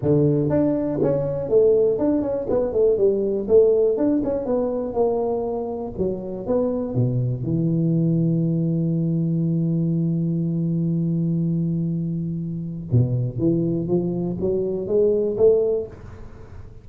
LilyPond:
\new Staff \with { instrumentName = "tuba" } { \time 4/4 \tempo 4 = 121 d4 d'4 cis'4 a4 | d'8 cis'8 b8 a8 g4 a4 | d'8 cis'8 b4 ais2 | fis4 b4 b,4 e4~ |
e1~ | e1~ | e2 b,4 e4 | f4 fis4 gis4 a4 | }